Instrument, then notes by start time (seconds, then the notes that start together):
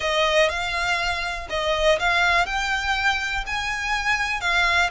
violin
0.00 D#5
0.49 F5
1.49 D#5
1.99 F5
2.46 G5
3.46 G#5
4.40 F5